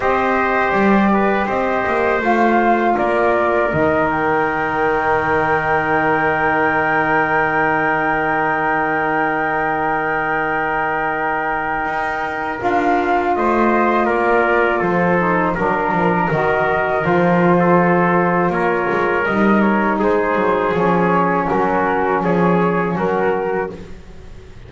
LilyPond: <<
  \new Staff \with { instrumentName = "flute" } { \time 4/4 \tempo 4 = 81 dis''4 d''4 dis''4 f''4 | d''4 dis''8 g''2~ g''8~ | g''1~ | g''1~ |
g''4 f''4 dis''4 d''4 | c''4 ais'4 dis''4 c''4~ | c''4 cis''4 dis''8 cis''8 c''4 | cis''4 ais'4 cis''4 ais'4 | }
  \new Staff \with { instrumentName = "trumpet" } { \time 4/4 c''4. b'8 c''2 | ais'1~ | ais'1~ | ais'1~ |
ais'2 c''4 ais'4 | a'4 ais'2~ ais'8. a'16~ | a'4 ais'2 gis'4~ | gis'4 fis'4 gis'4 fis'4 | }
  \new Staff \with { instrumentName = "saxophone" } { \time 4/4 g'2. f'4~ | f'4 dis'2.~ | dis'1~ | dis'1~ |
dis'4 f'2.~ | f'8 dis'8 d'4 fis'4 f'4~ | f'2 dis'2 | cis'1 | }
  \new Staff \with { instrumentName = "double bass" } { \time 4/4 c'4 g4 c'8 ais8 a4 | ais4 dis2.~ | dis1~ | dis1 |
dis'4 d'4 a4 ais4 | f4 fis8 f8 dis4 f4~ | f4 ais8 gis8 g4 gis8 fis8 | f4 fis4 f4 fis4 | }
>>